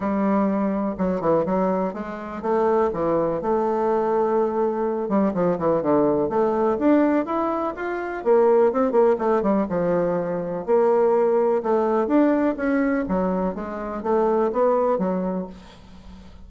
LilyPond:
\new Staff \with { instrumentName = "bassoon" } { \time 4/4 \tempo 4 = 124 g2 fis8 e8 fis4 | gis4 a4 e4 a4~ | a2~ a8 g8 f8 e8 | d4 a4 d'4 e'4 |
f'4 ais4 c'8 ais8 a8 g8 | f2 ais2 | a4 d'4 cis'4 fis4 | gis4 a4 b4 fis4 | }